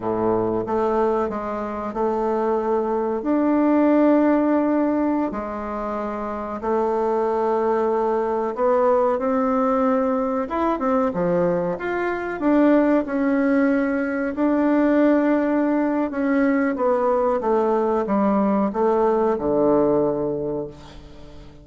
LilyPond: \new Staff \with { instrumentName = "bassoon" } { \time 4/4 \tempo 4 = 93 a,4 a4 gis4 a4~ | a4 d'2.~ | d'16 gis2 a4.~ a16~ | a4~ a16 b4 c'4.~ c'16~ |
c'16 e'8 c'8 f4 f'4 d'8.~ | d'16 cis'2 d'4.~ d'16~ | d'4 cis'4 b4 a4 | g4 a4 d2 | }